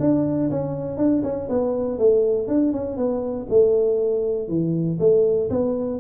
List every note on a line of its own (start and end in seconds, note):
0.00 0.50 D4
0.50 0.97 C#4
0.97 1.22 D4
1.23 1.48 C#4
1.49 1.98 B3
1.98 2.48 A3
2.48 2.73 D4
2.73 2.97 C#4
2.97 3.47 B3
3.50 4.48 A3
4.48 4.98 E3
5.00 5.50 A3
5.50 6.00 B3